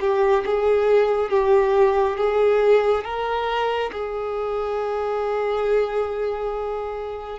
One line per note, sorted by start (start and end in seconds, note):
0.00 0.43 G4
0.45 1.30 G#4
1.30 2.17 G4
2.17 3.04 G#4
3.04 3.91 A#4
3.91 7.39 G#4